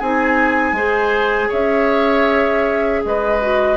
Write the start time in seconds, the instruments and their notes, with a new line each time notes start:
0.00 bassoon C4, clarinet D#4, oboe G#4, flute G#5
0.73 bassoon G#3, clarinet G#4, oboe C5
1.49 bassoon C#4, oboe C#5, flute E5
3.05 bassoon G#3, oboe B4, flute D#5
3.42 clarinet F#4